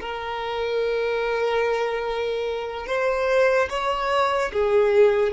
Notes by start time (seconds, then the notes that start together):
0.00 A#4
2.87 C5
3.69 C#5
4.52 G#4